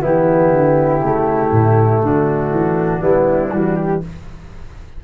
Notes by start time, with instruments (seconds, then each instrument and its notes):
0.00 tuba E3, trombone B3, flute E4 G4
0.52 tuba D3
1.01 tuba C#3, trombone A3
1.51 tuba A2
2.02 tuba D3, flute D4 F#4
2.51 tuba E3
3.00 tuba G3, trombone B3, flute E4
3.51 tuba E3, trombone G3, flute F#4
3.76 flute G4